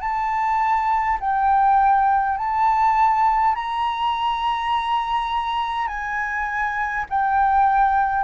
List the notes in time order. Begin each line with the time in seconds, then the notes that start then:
0.00 A5
1.20 G5
2.37 A5
3.55 A#5
5.87 G#5
7.09 G5